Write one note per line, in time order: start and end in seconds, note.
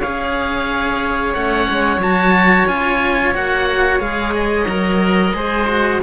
0.00 1.35 C#4
0.00 1.36 G#4
0.00 5.33 C#5
0.00 1.35 F5
1.35 1.68 A3
1.35 2.02 C#4
1.35 2.01 F#5
1.70 1.98 G#3
1.98 2.65 F#3
1.98 2.68 F#4
1.98 2.68 A5
2.68 3.35 C#4
2.68 3.34 F4
2.68 3.35 G#5
3.34 4.00 A#3
3.34 4.00 F#4
3.34 4.01 F#5
4.00 4.67 G#3
4.00 4.67 G#4
4.00 4.34 F5
4.35 6.02 D#5
4.67 5.33 F#3
4.67 5.34 A#4
5.34 6.01 G#3
5.34 5.67 G#4
5.34 6.02 C5
5.68 6.01 F#4